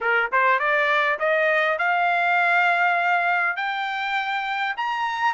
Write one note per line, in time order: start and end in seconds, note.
0.00 0.30 A#4
0.31 0.59 C5
0.59 1.18 D5
1.19 1.78 D#5
1.78 3.56 F5
3.56 4.75 G5
4.77 5.33 A#5